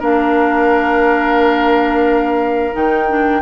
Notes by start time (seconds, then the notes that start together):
0.00 A#3 D4 A#4 F5
2.72 D#3 D#4 G5
3.09 D4